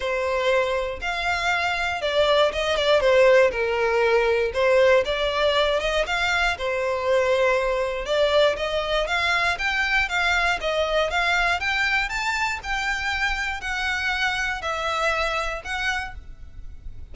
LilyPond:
\new Staff \with { instrumentName = "violin" } { \time 4/4 \tempo 4 = 119 c''2 f''2 | d''4 dis''8 d''8 c''4 ais'4~ | ais'4 c''4 d''4. dis''8 | f''4 c''2. |
d''4 dis''4 f''4 g''4 | f''4 dis''4 f''4 g''4 | a''4 g''2 fis''4~ | fis''4 e''2 fis''4 | }